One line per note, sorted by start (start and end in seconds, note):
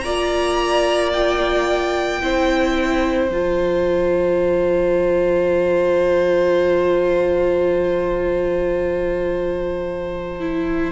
0.00 2.21 A#3
0.00 2.21 F4
0.00 2.22 D5
0.00 1.09 A#5
1.13 3.28 G5
2.21 3.30 C4
2.21 3.30 E4
2.21 10.92 C5
3.28 10.92 F3
3.28 10.40 F4
3.28 10.92 A5
10.40 10.92 E4